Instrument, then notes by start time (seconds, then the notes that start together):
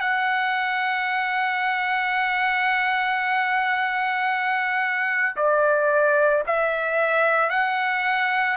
trumpet
0.00 F#5
5.36 D5
6.47 E5
7.50 F#5